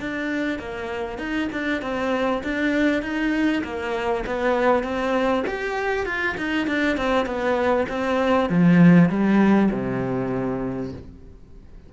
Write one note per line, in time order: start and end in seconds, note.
0.00 0.59 D4
0.59 1.18 A#3
1.18 1.48 D#4
1.52 1.82 D4
1.82 2.43 C4
2.44 3.02 D4
3.02 3.63 D#4
3.64 4.25 A#3
4.26 4.83 B3
4.83 5.44 C4
5.47 6.06 G4
6.06 6.36 F4
6.37 6.67 D#4
6.67 6.97 D4
6.97 7.26 C4
7.26 7.87 B3
7.89 8.49 C4
8.49 9.09 F3
9.09 9.70 G3
9.72 10.93 C3